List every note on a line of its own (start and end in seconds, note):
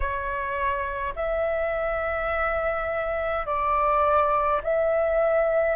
0.00 1.14 C#5
1.15 3.46 E5
3.46 4.61 D5
4.63 5.75 E5